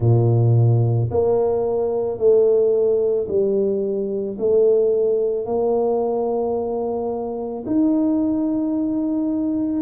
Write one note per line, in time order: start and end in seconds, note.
0.00 1.09 A#2
1.11 2.18 A#3
2.18 3.27 A3
3.28 4.37 G3
4.38 5.45 A3
5.45 7.64 A#3
7.66 9.82 D#4